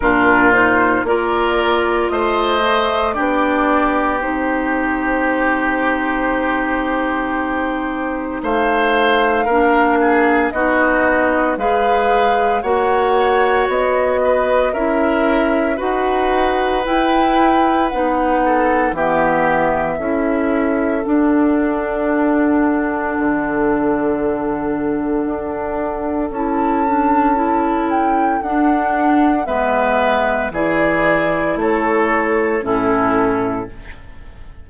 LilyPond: <<
  \new Staff \with { instrumentName = "flute" } { \time 4/4 \tempo 4 = 57 ais'8 c''8 d''4 dis''4 d''4 | c''1 | f''2 dis''4 f''4 | fis''4 dis''4 e''4 fis''4 |
g''4 fis''4 e''2 | fis''1~ | fis''4 a''4. g''8 fis''4 | e''4 d''4 cis''4 a'4 | }
  \new Staff \with { instrumentName = "oboe" } { \time 4/4 f'4 ais'4 c''4 g'4~ | g'1 | c''4 ais'8 gis'8 fis'4 b'4 | cis''4. b'8 ais'4 b'4~ |
b'4. a'8 g'4 a'4~ | a'1~ | a'1 | b'4 gis'4 a'4 e'4 | }
  \new Staff \with { instrumentName = "clarinet" } { \time 4/4 d'8 dis'8 f'4. a8 d'4 | dis'1~ | dis'4 d'4 dis'4 gis'4 | fis'2 e'4 fis'4 |
e'4 dis'4 b4 e'4 | d'1~ | d'4 e'8 d'8 e'4 d'4 | b4 e'2 cis'4 | }
  \new Staff \with { instrumentName = "bassoon" } { \time 4/4 ais,4 ais4 a4 b4 | c'1 | a4 ais4 b4 gis4 | ais4 b4 cis'4 dis'4 |
e'4 b4 e4 cis'4 | d'2 d2 | d'4 cis'2 d'4 | gis4 e4 a4 a,4 | }
>>